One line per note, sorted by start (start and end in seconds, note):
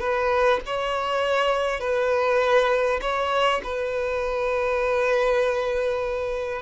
0.00 0.60 B4
0.66 1.80 C#5
1.80 3.00 B4
3.01 3.61 C#5
3.63 6.62 B4